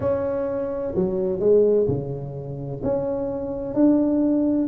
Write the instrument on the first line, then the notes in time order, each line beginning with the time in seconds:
tuba
0.00 C#4
0.95 F#3
1.39 G#3
1.87 C#3
2.83 C#4
3.74 D4